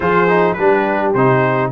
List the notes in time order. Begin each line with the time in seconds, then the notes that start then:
0.00 F3 F4 G#4 C5
0.28 D#4
0.53 G3 D4 G4 B4
1.13 C3 D#4 C5